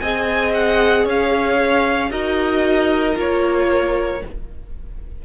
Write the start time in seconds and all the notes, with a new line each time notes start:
0.00 C4 G#4 D#5 G#5
0.54 F#5
1.05 C#4 C#5 F5
2.10 D#4 F#4 A#4 D#5
3.14 A#3 F4 C#5